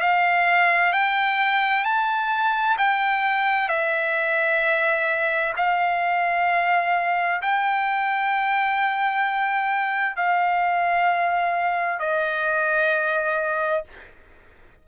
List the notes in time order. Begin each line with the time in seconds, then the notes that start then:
0.00 F5
0.93 G5
1.84 A5
2.77 G5
3.68 E5
5.56 F5
7.41 G5
10.16 F5
11.99 D#5